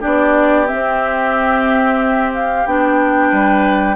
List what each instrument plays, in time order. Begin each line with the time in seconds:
0.00 bassoon B3, clarinet D4, oboe G4, flute D5
0.67 clarinet C4, bassoon C4, flute E5
2.34 flute F5
2.66 bassoon B3, clarinet D4, flute G5
3.30 bassoon G3, oboe B4